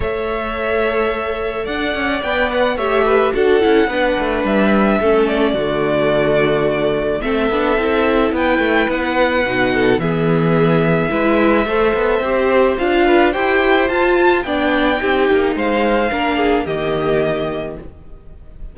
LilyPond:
<<
  \new Staff \with { instrumentName = "violin" } { \time 4/4 \tempo 4 = 108 e''2. fis''4 | g''8 fis''8 e''4 fis''2 | e''4. d''2~ d''8~ | d''4 e''2 g''4 |
fis''2 e''2~ | e''2. f''4 | g''4 a''4 g''2 | f''2 dis''2 | }
  \new Staff \with { instrumentName = "violin" } { \time 4/4 cis''2. d''4~ | d''4 cis''8 b'8 a'4 b'4~ | b'4 a'4 fis'2~ | fis'4 a'2 b'4~ |
b'4. a'8 gis'2 | b'4 c''2~ c''8 b'8 | c''2 d''4 g'4 | c''4 ais'8 gis'8 g'2 | }
  \new Staff \with { instrumentName = "viola" } { \time 4/4 a'1 | b'4 g'4 fis'8 e'8 d'4~ | d'4 cis'4 a2~ | a4 c'8 d'8 e'2~ |
e'4 dis'4 b2 | e'4 a'4 g'4 f'4 | g'4 f'4 d'4 dis'4~ | dis'4 d'4 ais2 | }
  \new Staff \with { instrumentName = "cello" } { \time 4/4 a2. d'8 cis'8 | b4 a4 d'8 cis'8 b8 a8 | g4 a4 d2~ | d4 a8 b8 c'4 b8 a8 |
b4 b,4 e2 | gis4 a8 b8 c'4 d'4 | e'4 f'4 b4 c'8 ais8 | gis4 ais4 dis2 | }
>>